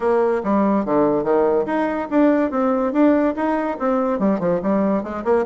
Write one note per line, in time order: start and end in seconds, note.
0.00 0.42 A#3
0.43 0.85 G3
0.85 1.23 D3
1.23 1.65 D#3
1.66 2.08 D#4
2.10 2.51 D4
2.51 2.92 C4
2.92 3.34 D4
3.35 3.77 D#4
3.79 4.19 C4
4.19 4.39 G3
4.39 4.60 F3
4.62 5.03 G3
5.03 5.24 G#3
5.24 5.45 A#3